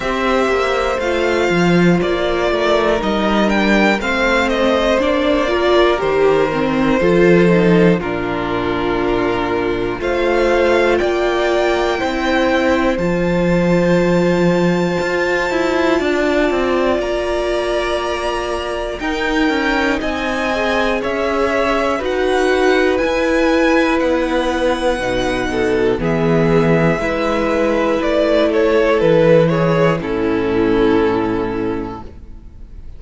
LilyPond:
<<
  \new Staff \with { instrumentName = "violin" } { \time 4/4 \tempo 4 = 60 e''4 f''4 d''4 dis''8 g''8 | f''8 dis''8 d''4 c''2 | ais'2 f''4 g''4~ | g''4 a''2.~ |
a''4 ais''2 g''4 | gis''4 e''4 fis''4 gis''4 | fis''2 e''2 | d''8 cis''8 b'8 cis''8 a'2 | }
  \new Staff \with { instrumentName = "violin" } { \time 4/4 c''2~ c''8 ais'4. | c''4. ais'4. a'4 | f'2 c''4 d''4 | c''1 |
d''2. ais'4 | dis''4 cis''4 b'2~ | b'4. a'8 gis'4 b'4~ | b'8 a'4 gis'8 e'2 | }
  \new Staff \with { instrumentName = "viola" } { \time 4/4 g'4 f'2 dis'8 d'8 | c'4 d'8 f'8 g'8 c'8 f'8 dis'8 | d'2 f'2 | e'4 f'2.~ |
f'2. dis'4~ | dis'8 gis'4. fis'4 e'4~ | e'4 dis'4 b4 e'4~ | e'2 cis'2 | }
  \new Staff \with { instrumentName = "cello" } { \time 4/4 c'8 ais8 a8 f8 ais8 a8 g4 | a4 ais4 dis4 f4 | ais,2 a4 ais4 | c'4 f2 f'8 e'8 |
d'8 c'8 ais2 dis'8 cis'8 | c'4 cis'4 dis'4 e'4 | b4 b,4 e4 gis4 | a4 e4 a,2 | }
>>